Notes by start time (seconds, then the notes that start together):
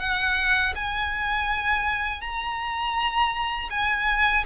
0.00 F#5
0.76 G#5
2.22 A#5
3.71 G#5